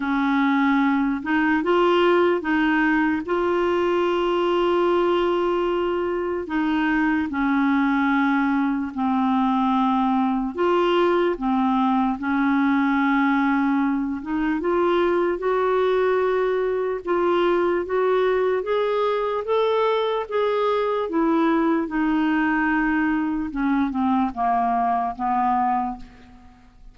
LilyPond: \new Staff \with { instrumentName = "clarinet" } { \time 4/4 \tempo 4 = 74 cis'4. dis'8 f'4 dis'4 | f'1 | dis'4 cis'2 c'4~ | c'4 f'4 c'4 cis'4~ |
cis'4. dis'8 f'4 fis'4~ | fis'4 f'4 fis'4 gis'4 | a'4 gis'4 e'4 dis'4~ | dis'4 cis'8 c'8 ais4 b4 | }